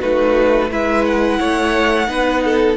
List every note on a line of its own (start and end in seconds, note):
0.00 0.70 A3
0.00 0.69 D#4
0.00 0.69 F#4
0.00 0.70 B4
0.70 1.39 G#3
0.70 2.07 E4
0.70 1.39 B4
0.70 1.05 E5
1.05 2.76 F#5
1.39 2.07 A3
1.39 2.08 C#5
2.07 2.76 B3
2.07 2.76 D#4
2.07 2.44 B4
2.44 2.76 A4